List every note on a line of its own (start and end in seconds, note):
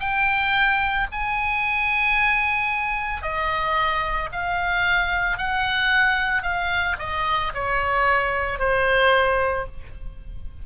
0.00 1.07 G5
1.12 3.22 G#5
3.22 4.30 D#5
4.32 5.38 F5
5.38 6.43 F#5
6.43 6.96 F5
6.99 7.53 D#5
7.55 8.59 C#5
8.59 9.66 C5